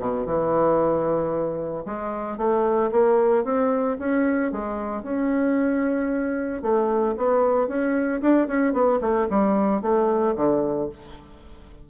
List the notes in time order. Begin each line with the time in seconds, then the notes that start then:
0.00 B2
0.26 E3
1.86 G#3
2.38 A3
2.92 A#3
3.45 C4
4.00 C#4
4.52 G#3
5.03 C#4
6.63 A3
7.17 B3
7.68 C#4
8.22 D4
8.48 C#4
8.73 B3
9.01 A3
9.30 G3
9.82 A3
10.36 D3